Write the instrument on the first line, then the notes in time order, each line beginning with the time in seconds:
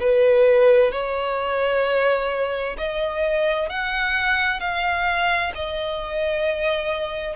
violin
0.00 B4
0.92 C#5
2.78 D#5
3.70 F#5
4.60 F5
5.55 D#5